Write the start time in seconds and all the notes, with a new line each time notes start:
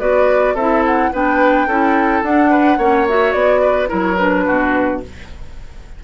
0.00 B3 F#4 B4 D5
0.55 C4 E4 A4 E5
0.86 F#5
1.13 B3 D4 B4 G5
1.67 C#4 E4 A4
2.23 D4 F#5
2.51 B4
2.78 A#3 C#4 C#5
3.08 F#4 E5
3.32 B3 D5
3.62 B4
3.88 F#3 E4 A#4 C#5
4.17 D4 B4
4.46 B2 F#4